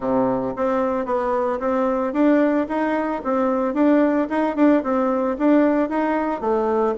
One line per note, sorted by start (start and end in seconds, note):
0.00 0.54 C3
0.56 1.05 C4
1.05 1.59 B3
1.59 2.13 C4
2.13 2.66 D4
2.68 3.21 D#4
3.23 3.74 C4
3.74 4.27 D4
4.29 4.56 D#4
4.56 4.82 D4
4.83 5.36 C4
5.38 5.89 D4
5.89 6.40 D#4
6.40 6.94 A3